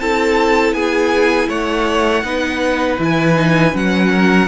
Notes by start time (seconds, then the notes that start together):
0.00 C4 E4 A4 A5
0.73 B3 G#4 G#5
1.49 A3 C#5 F#5
2.23 B3 D#4 B4
2.98 E3 E4 G#5
3.36 D#4
3.72 F#3 C#4 F#5
4.11 A#4